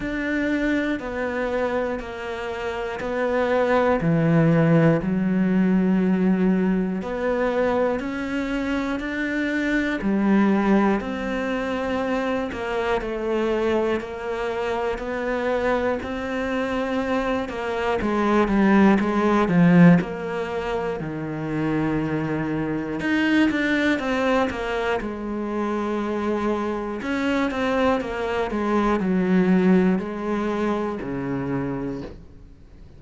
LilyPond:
\new Staff \with { instrumentName = "cello" } { \time 4/4 \tempo 4 = 60 d'4 b4 ais4 b4 | e4 fis2 b4 | cis'4 d'4 g4 c'4~ | c'8 ais8 a4 ais4 b4 |
c'4. ais8 gis8 g8 gis8 f8 | ais4 dis2 dis'8 d'8 | c'8 ais8 gis2 cis'8 c'8 | ais8 gis8 fis4 gis4 cis4 | }